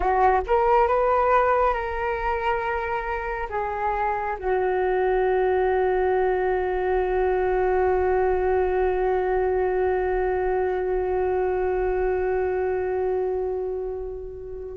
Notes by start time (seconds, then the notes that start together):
0.00 F#4
0.46 A#4
0.87 B4
1.73 A#4
3.49 G#4
4.39 F#4